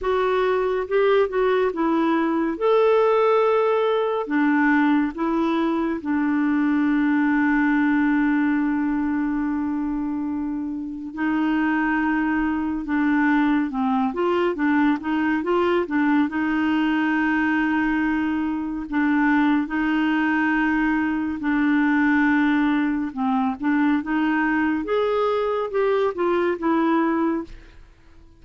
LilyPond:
\new Staff \with { instrumentName = "clarinet" } { \time 4/4 \tempo 4 = 70 fis'4 g'8 fis'8 e'4 a'4~ | a'4 d'4 e'4 d'4~ | d'1~ | d'4 dis'2 d'4 |
c'8 f'8 d'8 dis'8 f'8 d'8 dis'4~ | dis'2 d'4 dis'4~ | dis'4 d'2 c'8 d'8 | dis'4 gis'4 g'8 f'8 e'4 | }